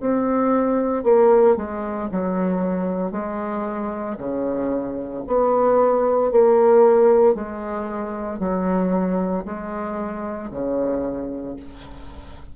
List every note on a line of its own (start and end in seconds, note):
0.00 1.03 C4
1.03 1.56 A#3
1.56 2.09 G#3
2.11 3.11 F#3
3.11 4.16 G#3
4.18 5.23 C#3
5.27 6.31 B3
6.31 7.34 A#3
7.34 8.39 G#3
8.39 9.44 F#3
9.45 10.50 G#3
10.50 11.56 C#3